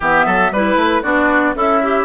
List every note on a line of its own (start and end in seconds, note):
0.00 0.26 E3
0.00 0.54 B3
0.00 0.25 G4
0.00 0.53 E5
0.25 0.51 F#3
0.25 0.51 A4
0.51 0.75 G3
0.51 1.03 E4
0.51 1.02 B4
0.75 1.01 A3
1.02 1.55 B3
1.02 1.55 D4
1.02 1.54 F#4
1.02 1.54 D5
1.55 2.05 C#4
1.55 2.05 E4
1.55 1.81 A4
1.55 2.05 E5
1.82 2.05 G4